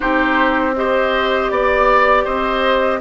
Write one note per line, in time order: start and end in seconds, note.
0.00 1.50 C4
0.00 0.72 D#4
0.00 0.75 G4
0.00 0.74 C5
0.75 3.00 G4
0.75 1.51 C5
0.75 1.50 D#5
1.50 2.25 B3
1.50 2.25 D5
1.50 2.24 D5
2.24 3.00 C4
2.24 2.99 C5
2.24 3.00 D#5